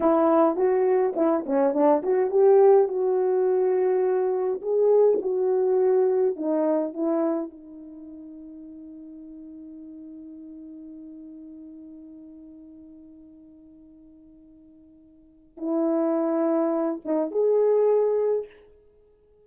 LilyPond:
\new Staff \with { instrumentName = "horn" } { \time 4/4 \tempo 4 = 104 e'4 fis'4 e'8 cis'8 d'8 fis'8 | g'4 fis'2. | gis'4 fis'2 dis'4 | e'4 dis'2.~ |
dis'1~ | dis'1~ | dis'2. e'4~ | e'4. dis'8 gis'2 | }